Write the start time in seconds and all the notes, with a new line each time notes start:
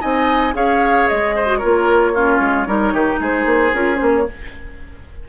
0.00 C4 D#4 D#5 G#5
0.53 C#4 G#4 C#5 F5
1.08 G#3 D#5
1.35 C5
1.46 F#4
1.57 F4 A#4 C#5
1.63 A#3
2.14 C#4 F4
2.40 G#3
2.67 G3 D#4 A#4
2.93 D#3 G4
3.19 G#3 G#4 C5
3.45 A#3
3.74 C#4 F4 A#4
3.96 A#3 C#4 C5
4.15 C#5